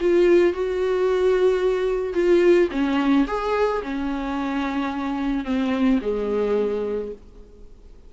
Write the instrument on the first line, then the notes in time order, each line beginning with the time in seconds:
viola
0.00 F4
0.53 F#4
2.13 F4
2.71 C#4
3.27 G#4
3.82 C#4
5.44 C4
6.02 G#3